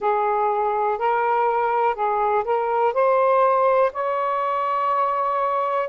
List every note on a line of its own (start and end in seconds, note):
0.00 0.98 G#4
0.98 1.94 A#4
1.94 2.44 G#4
2.44 2.93 A#4
2.93 3.91 C5
3.92 5.89 C#5